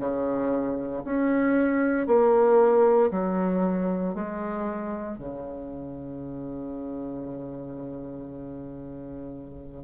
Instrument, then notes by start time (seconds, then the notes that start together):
bassoon
0.00 C#3
1.05 C#4
2.07 A#3
3.11 F#3
4.15 G#3
5.18 C#3